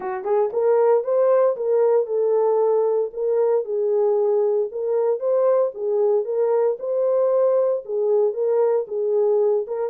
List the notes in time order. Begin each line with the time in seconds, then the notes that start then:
0.00 F#4
0.24 G#4
0.52 A#4
1.04 C5
1.56 A#4
2.06 A4
3.13 A#4
3.65 G#4
4.71 A#4
5.19 C5
5.74 G#4
6.24 A#4
6.79 C5
7.85 G#4
8.33 A#4
8.87 G#4
9.67 A#4